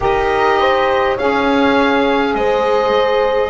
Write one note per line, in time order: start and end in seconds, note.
0.00 1.18 D#4
0.00 1.17 G4
0.00 0.59 A#4
0.00 1.18 D#5
0.59 1.15 C5
1.15 2.34 C#4
1.15 3.49 G#4
1.15 2.33 C#5
1.15 2.35 F5
2.34 3.49 G#3
2.34 3.49 C5
2.34 3.49 D#5